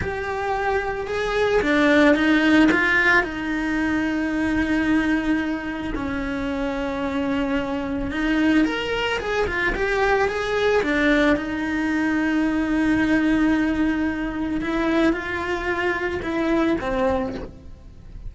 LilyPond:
\new Staff \with { instrumentName = "cello" } { \time 4/4 \tempo 4 = 111 g'2 gis'4 d'4 | dis'4 f'4 dis'2~ | dis'2. cis'4~ | cis'2. dis'4 |
ais'4 gis'8 f'8 g'4 gis'4 | d'4 dis'2.~ | dis'2. e'4 | f'2 e'4 c'4 | }